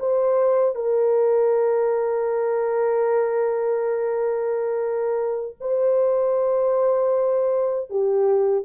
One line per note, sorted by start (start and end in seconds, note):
0.00 0.76 C5
0.76 5.56 A#4
5.60 7.91 C5
7.91 8.65 G4